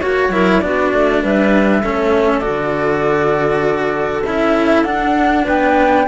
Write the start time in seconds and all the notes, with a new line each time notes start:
0.00 A#3 F#4 C#5
0.29 F#3 E4 A#4
0.61 B3 D4 F#4 D5
0.93 A3
1.22 G3 B4 E5
1.83 A3 C#4 A4
2.40 F#4 D5
2.46 D3
4.25 C#4 E4 E5
4.84 D4 F#5
5.44 B3 B4 G5